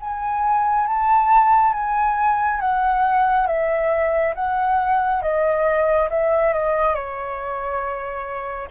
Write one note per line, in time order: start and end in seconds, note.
0.00 0.87 G#5
0.87 1.73 A5
1.73 2.60 G#5
2.60 3.47 F#5
3.47 4.34 E5
4.35 5.22 F#5
5.22 6.09 D#5
6.10 6.53 E5
6.53 6.94 D#5
6.94 8.68 C#5